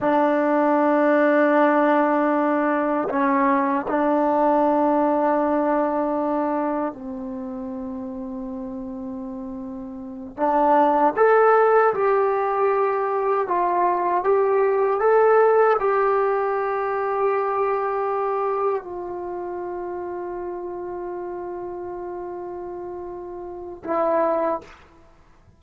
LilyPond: \new Staff \with { instrumentName = "trombone" } { \time 4/4 \tempo 4 = 78 d'1 | cis'4 d'2.~ | d'4 c'2.~ | c'4. d'4 a'4 g'8~ |
g'4. f'4 g'4 a'8~ | a'8 g'2.~ g'8~ | g'8 f'2.~ f'8~ | f'2. e'4 | }